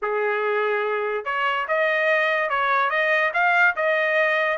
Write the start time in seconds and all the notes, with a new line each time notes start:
0.02 G#4
1.24 C#5
1.68 D#5
2.49 C#5
2.90 D#5
3.33 F5
3.76 D#5